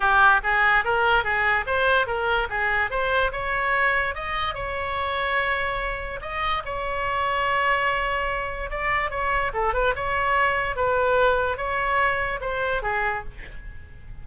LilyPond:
\new Staff \with { instrumentName = "oboe" } { \time 4/4 \tempo 4 = 145 g'4 gis'4 ais'4 gis'4 | c''4 ais'4 gis'4 c''4 | cis''2 dis''4 cis''4~ | cis''2. dis''4 |
cis''1~ | cis''4 d''4 cis''4 a'8 b'8 | cis''2 b'2 | cis''2 c''4 gis'4 | }